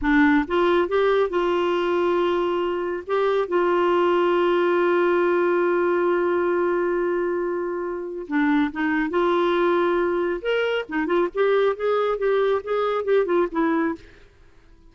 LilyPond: \new Staff \with { instrumentName = "clarinet" } { \time 4/4 \tempo 4 = 138 d'4 f'4 g'4 f'4~ | f'2. g'4 | f'1~ | f'1~ |
f'2. d'4 | dis'4 f'2. | ais'4 dis'8 f'8 g'4 gis'4 | g'4 gis'4 g'8 f'8 e'4 | }